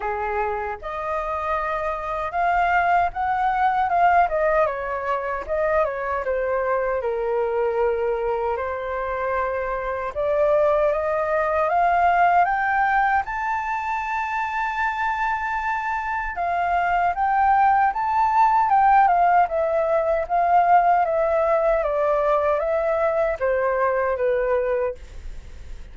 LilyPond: \new Staff \with { instrumentName = "flute" } { \time 4/4 \tempo 4 = 77 gis'4 dis''2 f''4 | fis''4 f''8 dis''8 cis''4 dis''8 cis''8 | c''4 ais'2 c''4~ | c''4 d''4 dis''4 f''4 |
g''4 a''2.~ | a''4 f''4 g''4 a''4 | g''8 f''8 e''4 f''4 e''4 | d''4 e''4 c''4 b'4 | }